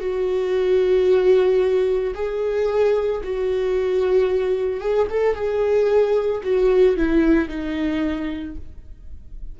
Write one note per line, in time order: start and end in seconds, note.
0.00 2.14 F#4
2.14 3.21 G#4
3.24 4.81 F#4
4.81 5.07 G#4
5.10 5.35 A4
5.35 6.42 G#4
6.43 6.97 F#4
6.97 7.49 E4
7.49 8.56 D#4